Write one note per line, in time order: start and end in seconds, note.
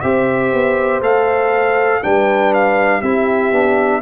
0.00 0.52 C4
0.00 1.02 G4
0.00 2.01 C5
0.00 1.00 E5
0.52 1.00 B3
1.00 2.00 A3
1.00 2.02 A4
1.00 2.03 F5
2.02 3.02 G3
2.02 3.02 D4
2.02 3.00 B4
2.02 2.53 G5
2.53 3.01 F5
3.00 3.51 C4
3.00 3.52 E4
3.00 4.00 G4
3.00 4.01 E5
3.51 4.01 B3
3.51 4.01 D4